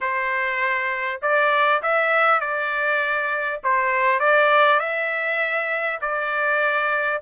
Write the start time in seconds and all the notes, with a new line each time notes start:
0.00 C5
1.22 D5
1.82 E5
2.40 D5
3.63 C5
4.19 D5
4.79 E5
6.01 D5